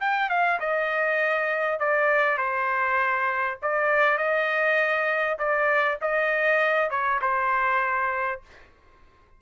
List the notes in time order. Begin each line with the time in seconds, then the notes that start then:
0.00 G5
0.29 F5
0.60 D#5
1.79 D5
2.38 C5
3.62 D5
4.18 D#5
5.39 D5
6.01 D#5
6.90 C#5
7.21 C5